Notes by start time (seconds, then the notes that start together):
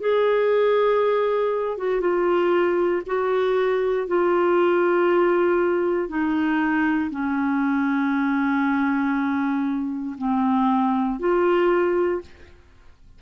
0.00 G#4
1.78 F#4
2.01 F4
3.06 F#4
4.08 F4
6.09 D#4
7.11 C#4
10.18 C4
11.20 F4